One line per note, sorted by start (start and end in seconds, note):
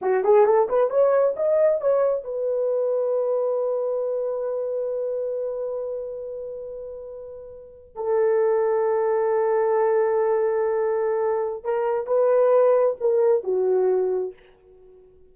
0.01 0.23 F#4
0.23 0.45 G#4
0.45 0.67 A4
0.68 0.90 B4
0.90 1.34 C#5
1.36 1.80 D#5
1.80 2.24 C#5
2.24 7.95 B4
7.95 11.64 A4
11.64 12.07 A#4
12.07 12.96 B4
13.00 13.43 A#4
13.43 14.33 F#4